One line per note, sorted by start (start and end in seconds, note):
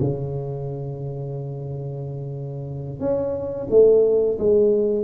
0.00 3.00 C#3
3.00 3.67 C#4
3.70 4.38 A3
4.39 5.04 G#3